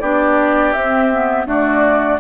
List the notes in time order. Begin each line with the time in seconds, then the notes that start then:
0.00 B3 D4 G4 D5
0.73 C4 E5
1.12 B3
1.46 A3 D4 F#4 D5